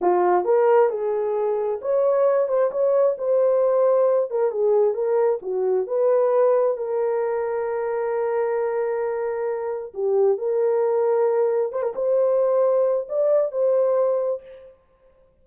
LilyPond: \new Staff \with { instrumentName = "horn" } { \time 4/4 \tempo 4 = 133 f'4 ais'4 gis'2 | cis''4. c''8 cis''4 c''4~ | c''4. ais'8 gis'4 ais'4 | fis'4 b'2 ais'4~ |
ais'1~ | ais'2 g'4 ais'4~ | ais'2 c''16 ais'16 c''4.~ | c''4 d''4 c''2 | }